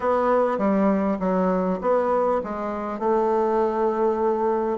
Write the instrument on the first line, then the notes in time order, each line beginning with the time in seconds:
bassoon
0.00 B3
0.58 G3
1.19 F#3
1.81 B3
2.43 G#3
2.99 A3